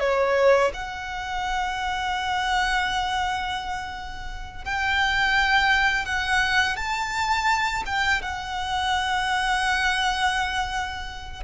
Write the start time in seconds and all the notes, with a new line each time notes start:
0.00 C#5
0.74 F#5
4.65 G5
6.06 F#5
6.76 A5
7.86 G5
8.22 F#5